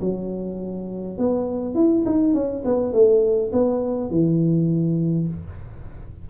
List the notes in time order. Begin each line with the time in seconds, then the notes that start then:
0.00 F#3
1.17 B3
1.75 E4
2.05 D#4
2.33 C#4
2.64 B3
2.92 A3
3.52 B3
4.10 E3